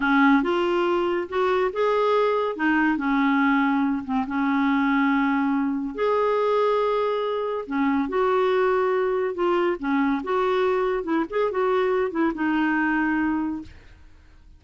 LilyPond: \new Staff \with { instrumentName = "clarinet" } { \time 4/4 \tempo 4 = 141 cis'4 f'2 fis'4 | gis'2 dis'4 cis'4~ | cis'4. c'8 cis'2~ | cis'2 gis'2~ |
gis'2 cis'4 fis'4~ | fis'2 f'4 cis'4 | fis'2 e'8 gis'8 fis'4~ | fis'8 e'8 dis'2. | }